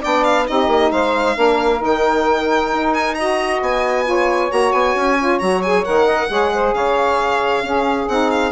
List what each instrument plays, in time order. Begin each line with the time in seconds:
0.00 bassoon B3, saxophone D4 D5, violin G5
0.24 violin F5
0.47 bassoon C4, saxophone D#4 G4, violin D#5
0.68 bassoon A#3
0.92 bassoon G#3, saxophone C5, violin F5
1.36 bassoon A#3, saxophone D4 A#4
1.78 bassoon D#3, saxophone D#4
1.85 violin G5
2.73 bassoon D#4
2.94 violin G#5
3.15 saxophone F#4 D#5, violin A#5
3.61 bassoon B3, violin G#5
4.04 saxophone F4 C#5
4.49 bassoon A#3, saxophone F#4, violin A#5
4.72 bassoon B3, violin G#5
4.95 bassoon C#4
5.19 saxophone F4
5.39 bassoon F#3, saxophone F#4, violin A#5
5.63 saxophone G#4, violin G#5
5.84 bassoon D#3, saxophone A#4, violin F#5
6.07 saxophone D#5
6.29 bassoon G#3, saxophone G#4 C#5
6.54 saxophone C5
6.73 bassoon C#3, saxophone C#5, violin F5
7.62 bassoon C#4, saxophone C#4 G#4
8.08 bassoon C4, saxophone D#4, violin F#5
8.30 violin F5